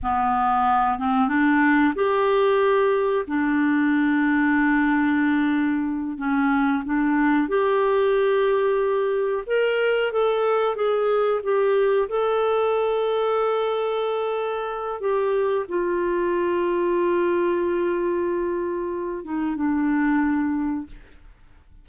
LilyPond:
\new Staff \with { instrumentName = "clarinet" } { \time 4/4 \tempo 4 = 92 b4. c'8 d'4 g'4~ | g'4 d'2.~ | d'4. cis'4 d'4 g'8~ | g'2~ g'8 ais'4 a'8~ |
a'8 gis'4 g'4 a'4.~ | a'2. g'4 | f'1~ | f'4. dis'8 d'2 | }